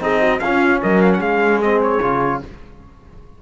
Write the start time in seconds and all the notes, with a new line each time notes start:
0.00 C4 D#4 G#4 D#5
0.21 F#4
0.40 C#4 F4 F5
0.82 F#3 A#4 D#5
1.02 F5
1.14 G#4 F#5
1.20 G#3 F5
1.62 C4 D#5
1.82 C#5
2.02 C#3 F4